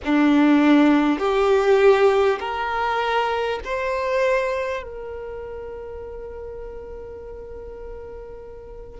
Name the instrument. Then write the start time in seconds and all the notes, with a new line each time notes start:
violin
0.04 D4
1.18 G4
2.39 A#4
3.64 C5
4.83 A#4